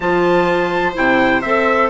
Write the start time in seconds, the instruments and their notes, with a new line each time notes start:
0.00 bassoon F3, clarinet F4, viola C5, trumpet A5
0.94 bassoon C3, clarinet E4, trumpet G5
1.41 bassoon C4, clarinet A4, trumpet E5